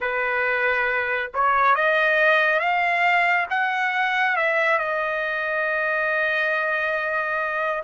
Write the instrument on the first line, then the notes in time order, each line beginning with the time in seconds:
trumpet
0.00 B4
1.34 C#5
1.75 D#5
2.59 F5
3.49 F#5
4.36 E5
4.78 D#5